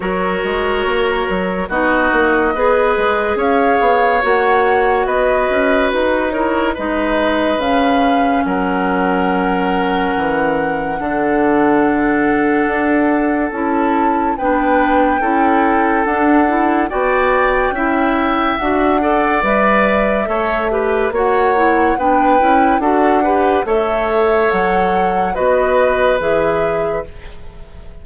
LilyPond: <<
  \new Staff \with { instrumentName = "flute" } { \time 4/4 \tempo 4 = 71 cis''2 dis''2 | f''4 fis''4 dis''4 b'8 cis''8 | dis''4 f''4 fis''2~ | fis''1 |
a''4 g''2 fis''4 | g''2 fis''4 e''4~ | e''4 fis''4 g''4 fis''4 | e''4 fis''4 dis''4 e''4 | }
  \new Staff \with { instrumentName = "oboe" } { \time 4/4 ais'2 fis'4 b'4 | cis''2 b'4. ais'8 | b'2 ais'2~ | ais'4 a'2.~ |
a'4 b'4 a'2 | d''4 e''4. d''4. | cis''8 b'8 cis''4 b'4 a'8 b'8 | cis''2 b'2 | }
  \new Staff \with { instrumentName = "clarinet" } { \time 4/4 fis'2 dis'4 gis'4~ | gis'4 fis'2~ fis'8 e'8 | dis'4 cis'2.~ | cis'4 d'2. |
e'4 d'4 e'4 d'8 e'8 | fis'4 e'4 fis'8 a'8 b'4 | a'8 g'8 fis'8 e'8 d'8 e'8 fis'8 g'8 | a'2 fis'4 gis'4 | }
  \new Staff \with { instrumentName = "bassoon" } { \time 4/4 fis8 gis8 ais8 fis8 b8 ais8 b8 gis8 | cis'8 b8 ais4 b8 cis'8 dis'4 | gis4 cis4 fis2 | e4 d2 d'4 |
cis'4 b4 cis'4 d'4 | b4 cis'4 d'4 g4 | a4 ais4 b8 cis'8 d'4 | a4 fis4 b4 e4 | }
>>